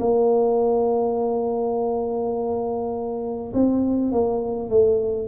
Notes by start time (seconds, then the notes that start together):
0.00 A#3
3.54 C4
4.12 A#3
4.70 A3